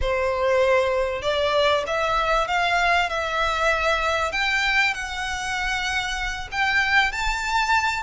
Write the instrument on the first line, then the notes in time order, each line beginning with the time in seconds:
violin
0.01 C5
1.22 D5
1.86 E5
2.47 F5
3.09 E5
4.32 G5
4.93 F#5
6.51 G5
7.11 A5